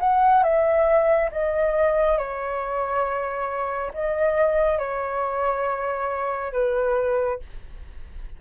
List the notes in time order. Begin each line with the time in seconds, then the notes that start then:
0.00 F#5
0.43 E5
1.32 D#5
2.18 C#5
3.94 D#5
4.79 C#5
6.53 B4